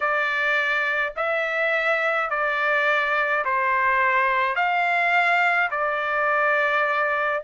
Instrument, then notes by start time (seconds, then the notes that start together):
trumpet
0.00 D5
1.16 E5
2.30 D5
3.44 C5
4.55 F5
5.70 D5